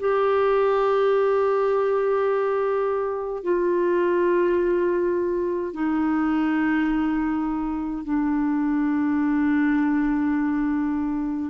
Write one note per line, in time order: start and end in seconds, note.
0.00 3.44 G4
3.44 5.74 F4
5.74 8.05 D#4
8.05 11.51 D4